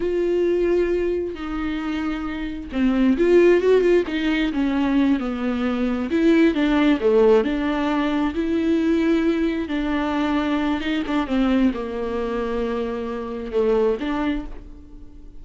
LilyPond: \new Staff \with { instrumentName = "viola" } { \time 4/4 \tempo 4 = 133 f'2. dis'4~ | dis'2 c'4 f'4 | fis'8 f'8 dis'4 cis'4. b8~ | b4. e'4 d'4 a8~ |
a8 d'2 e'4.~ | e'4. d'2~ d'8 | dis'8 d'8 c'4 ais2~ | ais2 a4 d'4 | }